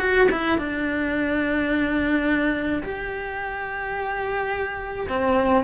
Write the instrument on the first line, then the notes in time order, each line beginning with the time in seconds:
cello
0.00 F#4
0.31 E4
0.58 D4
2.83 G4
5.09 C4